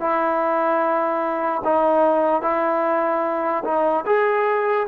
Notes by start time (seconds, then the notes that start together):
0.00 E4
1.65 D#4
2.42 E4
3.64 D#4
4.06 G#4